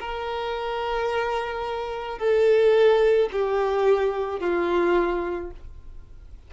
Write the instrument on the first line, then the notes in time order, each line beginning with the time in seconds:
violin
0.00 A#4
2.19 A4
3.32 G4
4.40 F4